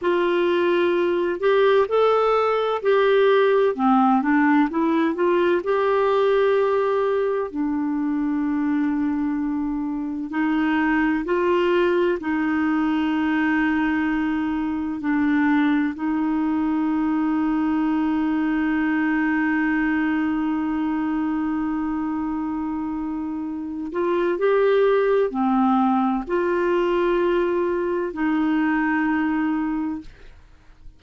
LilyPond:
\new Staff \with { instrumentName = "clarinet" } { \time 4/4 \tempo 4 = 64 f'4. g'8 a'4 g'4 | c'8 d'8 e'8 f'8 g'2 | d'2. dis'4 | f'4 dis'2. |
d'4 dis'2.~ | dis'1~ | dis'4. f'8 g'4 c'4 | f'2 dis'2 | }